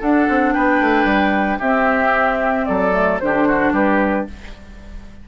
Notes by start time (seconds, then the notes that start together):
0.00 D4 A4 F#5
0.29 C4
0.53 B3 B4 G5
0.80 A3
1.04 G3
1.58 C4 G4 E5
2.65 F#3 A4 D5
2.92 A3
3.20 D3 D4 G4 C5
3.48 F#4
3.72 G3 G4 B4